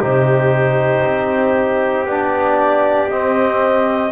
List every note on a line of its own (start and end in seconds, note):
0.00 1.03 C3
0.00 2.07 D#4
0.00 4.12 G4
0.00 2.08 C5
1.03 2.05 C4
2.05 3.08 B3
2.05 3.11 D4
2.05 3.10 D5
3.09 4.12 C4
3.09 4.12 D#5